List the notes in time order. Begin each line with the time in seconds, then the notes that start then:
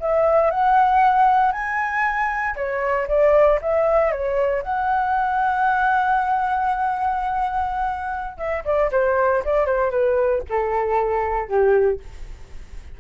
0.00 E5
0.50 F#5
1.52 G#5
2.56 C#5
3.08 D5
3.61 E5
4.11 C#5
4.62 F#5
8.37 E5
8.64 D5
8.92 C5
9.44 D5
9.66 C5
9.90 B4
10.49 A4
11.48 G4